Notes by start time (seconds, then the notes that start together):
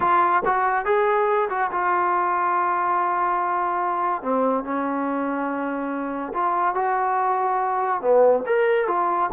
0.00 F4
0.45 F#4
0.85 G#4
1.49 F#4
1.71 F4
4.22 C4
4.63 C#4
6.33 F4
6.75 F#4
8.01 B3
8.46 A#4
8.87 F4